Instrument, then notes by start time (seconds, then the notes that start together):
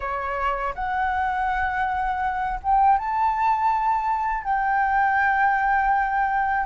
flute
0.00 C#5
0.74 F#5
2.62 G5
2.98 A5
4.43 G5